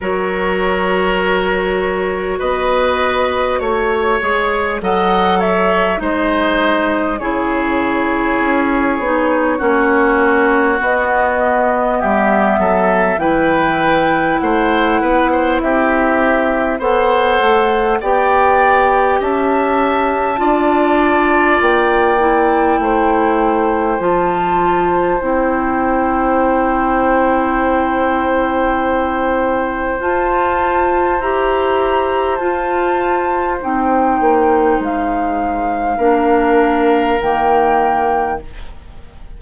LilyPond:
<<
  \new Staff \with { instrumentName = "flute" } { \time 4/4 \tempo 4 = 50 cis''2 dis''4 cis''4 | fis''8 e''8 dis''4 cis''2~ | cis''4 dis''4 e''4 g''4 | fis''4 e''4 fis''4 g''4 |
a''2 g''2 | a''4 g''2.~ | g''4 a''4 ais''4 a''4 | g''4 f''2 g''4 | }
  \new Staff \with { instrumentName = "oboe" } { \time 4/4 ais'2 b'4 cis''4 | dis''8 cis''8 c''4 gis'2 | fis'2 g'8 a'8 b'4 | c''8 b'16 c''16 g'4 c''4 d''4 |
e''4 d''2 c''4~ | c''1~ | c''1~ | c''2 ais'2 | }
  \new Staff \with { instrumentName = "clarinet" } { \time 4/4 fis'2.~ fis'8 gis'8 | a'4 dis'4 e'4. dis'8 | cis'4 b2 e'4~ | e'2 a'4 g'4~ |
g'4 f'4. e'4. | f'4 e'2.~ | e'4 f'4 g'4 f'4 | dis'2 d'4 ais4 | }
  \new Staff \with { instrumentName = "bassoon" } { \time 4/4 fis2 b4 a8 gis8 | fis4 gis4 cis4 cis'8 b8 | ais4 b4 g8 fis8 e4 | a8 b8 c'4 b8 a8 b4 |
cis'4 d'4 ais4 a4 | f4 c'2.~ | c'4 f'4 e'4 f'4 | c'8 ais8 gis4 ais4 dis4 | }
>>